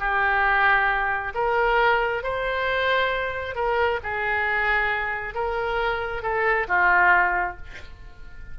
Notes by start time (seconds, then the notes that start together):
0.00 G4
1.34 A#4
2.23 C5
3.55 A#4
4.03 G#4
5.34 A#4
6.22 A4
6.68 F4